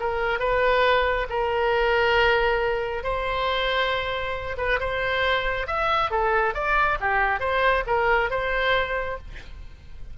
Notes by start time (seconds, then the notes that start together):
0.00 A#4
0.39 B4
1.30 A#4
3.04 C5
4.58 B4
4.80 C5
5.67 E5
6.11 A4
6.55 D5
7.00 G4
7.40 C5
7.87 A#4
8.31 C5